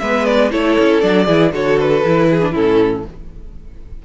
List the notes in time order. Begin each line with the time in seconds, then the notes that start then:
0.00 G#3 B3 B4 E5
0.25 D5
0.51 A3 E4 A4 C#5
0.79 C#4
1.01 F#3 D4 D5
1.26 E3 E4 G#4
1.53 D3 F#4 A4 C#5
1.80 B4
2.06 E3 E4
2.31 G#4
2.41 D4
2.52 A2 C#4 E4 A4